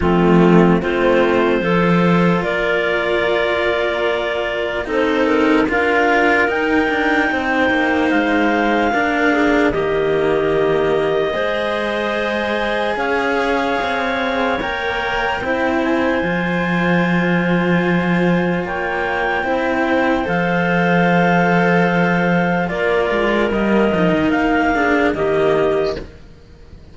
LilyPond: <<
  \new Staff \with { instrumentName = "clarinet" } { \time 4/4 \tempo 4 = 74 f'4 c''2 d''4~ | d''2 c''8 ais'8 f''4 | g''2 f''2 | dis''1 |
f''2 g''4. gis''8~ | gis''2. g''4~ | g''4 f''2. | d''4 dis''4 f''4 dis''4 | }
  \new Staff \with { instrumentName = "clarinet" } { \time 4/4 c'4 f'4 a'4 ais'4~ | ais'2 a'4 ais'4~ | ais'4 c''2 ais'8 gis'8 | g'2 c''2 |
cis''2. c''4~ | c''2. cis''4 | c''1 | ais'2~ ais'8 gis'8 g'4 | }
  \new Staff \with { instrumentName = "cello" } { \time 4/4 a4 c'4 f'2~ | f'2 dis'4 f'4 | dis'2. d'4 | ais2 gis'2~ |
gis'2 ais'4 e'4 | f'1 | e'4 a'2. | f'4 ais8 dis'4 d'8 ais4 | }
  \new Staff \with { instrumentName = "cello" } { \time 4/4 f4 a4 f4 ais4~ | ais2 c'4 d'4 | dis'8 d'8 c'8 ais8 gis4 ais4 | dis2 gis2 |
cis'4 c'4 ais4 c'4 | f2. ais4 | c'4 f2. | ais8 gis8 g8 f16 dis16 ais4 dis4 | }
>>